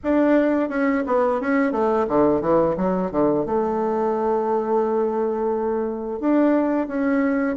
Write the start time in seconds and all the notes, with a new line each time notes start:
0.03 D4
0.69 C#4
1.06 B3
1.40 C#4
1.72 A3
2.08 D3
2.41 E3
2.76 F#3
3.11 D3
3.45 A3
6.19 D4
6.87 C#4